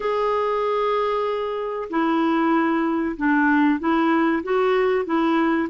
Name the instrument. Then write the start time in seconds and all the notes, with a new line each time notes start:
clarinet
0.00 G#4
1.89 E4
3.16 D4
3.79 E4
4.43 F#4
5.05 E4